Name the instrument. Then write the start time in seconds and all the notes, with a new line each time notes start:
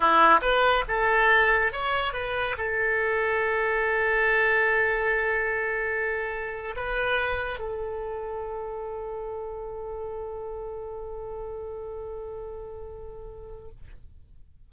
oboe
0.00 E4
0.41 B4
0.88 A4
1.72 C#5
2.13 B4
2.57 A4
6.76 B4
7.59 A4